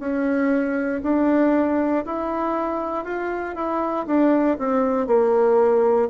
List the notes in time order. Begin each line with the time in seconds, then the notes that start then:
0.00 C#4
1.03 D4
2.05 E4
3.04 F4
3.55 E4
4.07 D4
4.58 C4
5.07 A#3